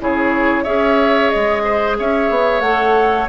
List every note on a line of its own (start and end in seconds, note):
0.00 0.66 C#3
0.00 0.65 E4
0.00 0.64 G#4
0.00 0.64 C#5
0.64 1.33 C#4
0.64 2.63 G#4
0.64 1.62 C#5
0.64 1.29 E5
1.29 1.95 D#5
1.35 2.00 G#3
1.64 1.97 C5
1.99 2.30 C#4
1.99 3.29 C#5
1.99 2.61 E5
2.30 2.61 B3
2.61 3.27 A3
2.61 3.29 A4
2.61 3.27 F#5